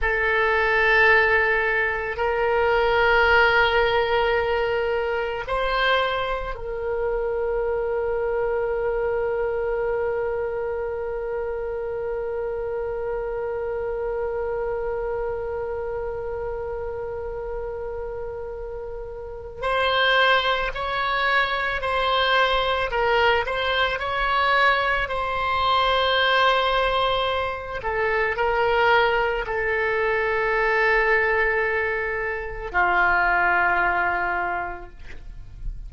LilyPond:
\new Staff \with { instrumentName = "oboe" } { \time 4/4 \tempo 4 = 55 a'2 ais'2~ | ais'4 c''4 ais'2~ | ais'1~ | ais'1~ |
ais'2 c''4 cis''4 | c''4 ais'8 c''8 cis''4 c''4~ | c''4. a'8 ais'4 a'4~ | a'2 f'2 | }